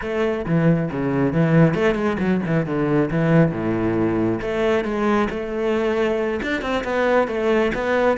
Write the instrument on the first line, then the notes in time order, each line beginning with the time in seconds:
cello
0.01 A3
0.46 E3
0.91 C#3
1.33 E3
1.74 A3
1.94 G#3
2.19 F#3
2.45 E3
2.66 D3
3.10 E3
3.51 A2
4.41 A3
4.84 G#3
5.30 A3
6.42 D4
6.61 C4
6.83 B3
7.27 A3
7.74 B3